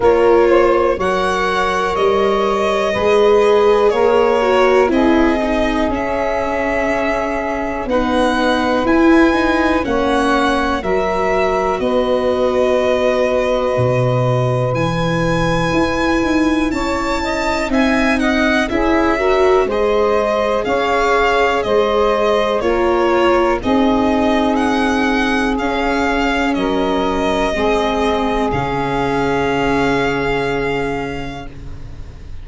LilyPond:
<<
  \new Staff \with { instrumentName = "violin" } { \time 4/4 \tempo 4 = 61 cis''4 fis''4 dis''2 | cis''4 dis''4 e''2 | fis''4 gis''4 fis''4 e''4 | dis''2. gis''4~ |
gis''4 a''4 gis''8 fis''8 e''4 | dis''4 f''4 dis''4 cis''4 | dis''4 fis''4 f''4 dis''4~ | dis''4 f''2. | }
  \new Staff \with { instrumentName = "saxophone" } { \time 4/4 ais'8 c''8 cis''2 b'4 | ais'4 gis'2. | b'2 cis''4 ais'4 | b'1~ |
b'4 cis''8 dis''8 e''8 dis''8 gis'8 ais'8 | c''4 cis''4 c''4 ais'4 | gis'2. ais'4 | gis'1 | }
  \new Staff \with { instrumentName = "viola" } { \time 4/4 f'4 ais'2 gis'4~ | gis'8 fis'8 e'8 dis'8 cis'2 | dis'4 e'8 dis'8 cis'4 fis'4~ | fis'2. e'4~ |
e'2 dis'4 e'8 fis'8 | gis'2. f'4 | dis'2 cis'2 | c'4 cis'2. | }
  \new Staff \with { instrumentName = "tuba" } { \time 4/4 ais4 fis4 g4 gis4 | ais4 c'4 cis'2 | b4 e'4 ais4 fis4 | b2 b,4 e4 |
e'8 dis'8 cis'4 c'4 cis'4 | gis4 cis'4 gis4 ais4 | c'2 cis'4 fis4 | gis4 cis2. | }
>>